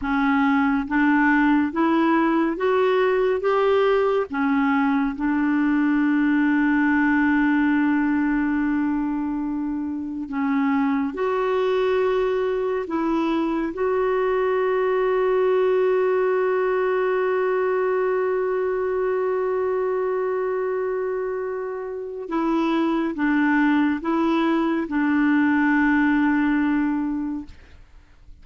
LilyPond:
\new Staff \with { instrumentName = "clarinet" } { \time 4/4 \tempo 4 = 70 cis'4 d'4 e'4 fis'4 | g'4 cis'4 d'2~ | d'1 | cis'4 fis'2 e'4 |
fis'1~ | fis'1~ | fis'2 e'4 d'4 | e'4 d'2. | }